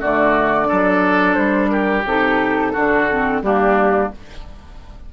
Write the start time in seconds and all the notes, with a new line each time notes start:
0.00 D3 A3 F#4 D5
0.66 F#3 D4 A4
1.34 G3 C5
1.69 G4 A#4
2.04 C3 D#4 A4
2.72 D3 D4 F#4
3.10 C4
3.42 G3 A#3 D4 G4